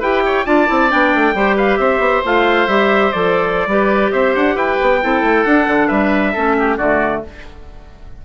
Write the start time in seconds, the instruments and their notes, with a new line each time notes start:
0.00 bassoon E4, clarinet G4, oboe B4, trumpet G5
0.26 oboe C#5
0.45 bassoon D4, clarinet F4, oboe D5, trumpet A5
0.67 bassoon C4, clarinet E4
0.89 bassoon B3, clarinet D4, trumpet G5
1.14 bassoon A3
1.34 bassoon G3, clarinet G4, oboe C5
1.56 oboe B4, trumpet F5
1.78 bassoon C4, oboe C5, trumpet E5
1.99 bassoon B3
2.25 bassoon A3, clarinet F4, trumpet F5
2.67 bassoon G3, clarinet G4, trumpet E5
3.12 bassoon F3, clarinet A4, trumpet D5
3.66 bassoon G3, clarinet G4, oboe B4
4.12 bassoon C4, oboe C5, trumpet E5
4.35 bassoon D4, trumpet F#5
4.55 bassoon E4, oboe B4, trumpet G5
4.82 bassoon B3
5.02 bassoon C4, clarinet E4, oboe A4
5.22 bassoon A3
5.44 bassoon D4, clarinet D4, trumpet F#5
5.67 bassoon D3
5.88 bassoon G3, oboe B4, trumpet E5
6.33 bassoon A3, clarinet C#4, oboe A4
6.60 oboe G4
6.77 bassoon D3, clarinet A3, oboe F#4, trumpet D5